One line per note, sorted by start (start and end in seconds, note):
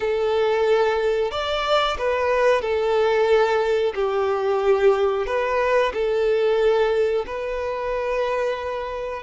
0.00 1.31 A4
1.31 1.97 D5
1.98 2.61 B4
2.61 3.93 A4
3.94 5.26 G4
5.26 5.92 B4
5.93 7.25 A4
7.26 9.22 B4